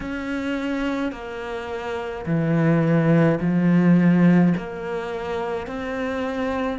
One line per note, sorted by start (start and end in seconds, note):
0.00 1.12 C#4
1.12 2.25 A#3
2.26 3.39 E3
3.40 4.53 F3
4.56 5.67 A#3
5.67 6.78 C4